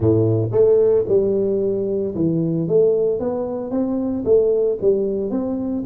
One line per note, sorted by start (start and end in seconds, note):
0.00 0.50 A2
0.51 1.05 A3
1.08 2.14 G3
2.14 2.67 E3
2.68 3.19 A3
3.19 3.70 B3
3.70 4.24 C4
4.25 4.78 A3
4.81 5.30 G3
5.30 5.83 C4